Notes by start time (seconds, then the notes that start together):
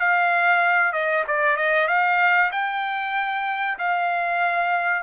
0.00 F5
0.93 D#5
1.27 D5
1.57 D#5
1.88 F5
2.52 G5
3.79 F5